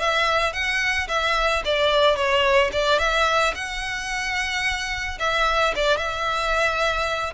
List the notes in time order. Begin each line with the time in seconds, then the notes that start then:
0.00 E5
0.53 F#5
1.08 E5
1.65 D5
2.16 C#5
2.72 D5
2.99 E5
3.55 F#5
5.19 E5
5.76 D5
5.98 E5